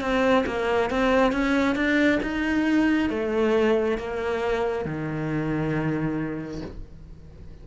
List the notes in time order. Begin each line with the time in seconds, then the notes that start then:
0.00 C4
0.46 A#3
0.90 C4
1.32 C#4
1.75 D4
2.22 D#4
3.10 A3
3.97 A#3
4.84 D#3